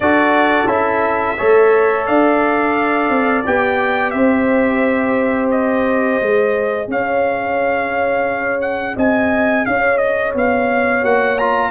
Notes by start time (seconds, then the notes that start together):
0.00 D4 F#4 A4 D5
0.66 C#4 E4 E5
1.37 A3 A4 C#5
2.06 D4 D5 F5
3.09 C4
3.46 B3 G4 G5
4.10 C4 C5 E5
5.50 D#5
6.21 G#3 G#4
6.87 C#4 C#5 F5
8.61 F#5
8.95 C4 D#5 G#5
9.65 C#4 C#5 F5
9.97 D#5
10.34 B3 F5
11.02 A#3 F#4 F#5
11.38 F4 A#5